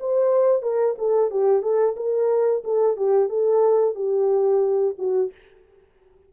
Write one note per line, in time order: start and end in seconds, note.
0.00 0.62 C5
0.62 0.96 A#4
0.98 1.31 A4
1.31 1.62 G4
1.62 1.96 A4
1.96 2.63 A#4
2.64 2.97 A4
2.97 3.29 G4
3.29 3.95 A4
3.95 4.95 G4
4.98 5.32 F#4